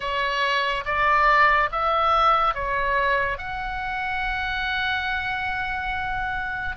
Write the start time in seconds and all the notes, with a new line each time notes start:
0.00 C#5
0.85 D5
1.71 E5
2.54 C#5
3.38 F#5